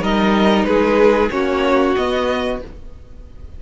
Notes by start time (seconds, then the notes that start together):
0.00 G3 D#4 A#4 D#5
0.64 G#3 G#4 B4
1.31 A#3 C#4 F#4 C#5
1.96 B3 D#5